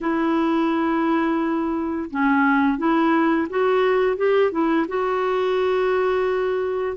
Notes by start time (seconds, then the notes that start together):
0.00 E4
2.10 C#4
2.77 E4
3.49 F#4
4.16 G4
4.51 E4
4.87 F#4